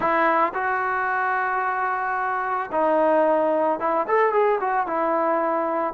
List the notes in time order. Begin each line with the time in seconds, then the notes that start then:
0.00 E4
0.54 F#4
2.71 D#4
3.79 E4
4.07 A4
4.32 G#4
4.60 F#4
4.86 E4